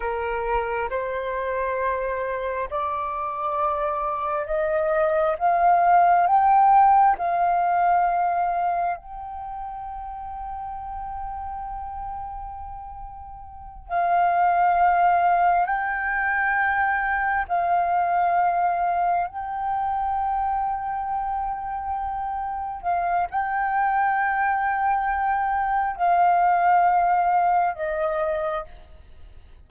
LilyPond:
\new Staff \with { instrumentName = "flute" } { \time 4/4 \tempo 4 = 67 ais'4 c''2 d''4~ | d''4 dis''4 f''4 g''4 | f''2 g''2~ | g''2.~ g''8 f''8~ |
f''4. g''2 f''8~ | f''4. g''2~ g''8~ | g''4. f''8 g''2~ | g''4 f''2 dis''4 | }